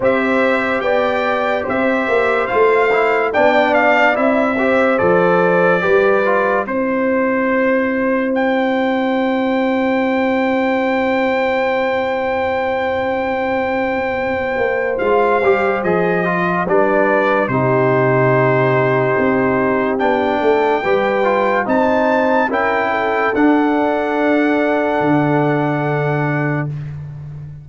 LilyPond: <<
  \new Staff \with { instrumentName = "trumpet" } { \time 4/4 \tempo 4 = 72 e''4 g''4 e''4 f''4 | g''8 f''8 e''4 d''2 | c''2 g''2~ | g''1~ |
g''2 f''4 dis''4 | d''4 c''2. | g''2 a''4 g''4 | fis''1 | }
  \new Staff \with { instrumentName = "horn" } { \time 4/4 c''4 d''4 c''2 | d''4. c''4. b'4 | c''1~ | c''1~ |
c''1 | b'4 g'2.~ | g'8 a'8 b'4 c''4 ais'8 a'8~ | a'1 | }
  \new Staff \with { instrumentName = "trombone" } { \time 4/4 g'2. f'8 e'8 | d'4 e'8 g'8 a'4 g'8 f'8 | e'1~ | e'1~ |
e'2 f'8 g'8 gis'8 f'8 | d'4 dis'2. | d'4 g'8 f'8 dis'4 e'4 | d'1 | }
  \new Staff \with { instrumentName = "tuba" } { \time 4/4 c'4 b4 c'8 ais8 a4 | b4 c'4 f4 g4 | c'1~ | c'1~ |
c'4. ais8 gis8 g8 f4 | g4 c2 c'4 | b8 a8 g4 c'4 cis'4 | d'2 d2 | }
>>